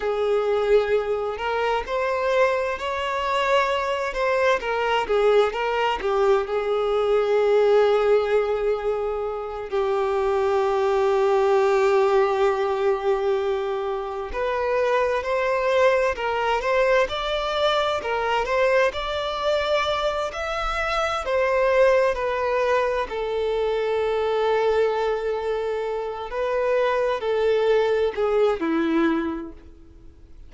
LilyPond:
\new Staff \with { instrumentName = "violin" } { \time 4/4 \tempo 4 = 65 gis'4. ais'8 c''4 cis''4~ | cis''8 c''8 ais'8 gis'8 ais'8 g'8 gis'4~ | gis'2~ gis'8 g'4.~ | g'2.~ g'8 b'8~ |
b'8 c''4 ais'8 c''8 d''4 ais'8 | c''8 d''4. e''4 c''4 | b'4 a'2.~ | a'8 b'4 a'4 gis'8 e'4 | }